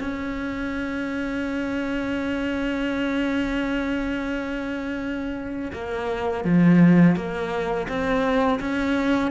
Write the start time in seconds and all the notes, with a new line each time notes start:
0.00 C#4
5.73 A#3
6.44 F3
7.16 A#3
7.88 C4
8.60 C#4